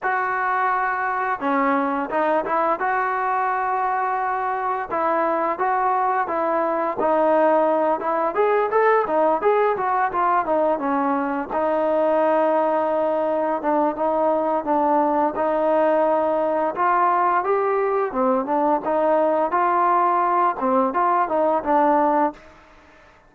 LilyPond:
\new Staff \with { instrumentName = "trombone" } { \time 4/4 \tempo 4 = 86 fis'2 cis'4 dis'8 e'8 | fis'2. e'4 | fis'4 e'4 dis'4. e'8 | gis'8 a'8 dis'8 gis'8 fis'8 f'8 dis'8 cis'8~ |
cis'8 dis'2. d'8 | dis'4 d'4 dis'2 | f'4 g'4 c'8 d'8 dis'4 | f'4. c'8 f'8 dis'8 d'4 | }